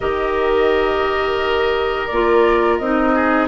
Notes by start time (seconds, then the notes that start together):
0.00 D#3 G4 A#4 D#5
2.07 A#3 F4 D5
2.77 C4 D#4 D#5
3.14 G#4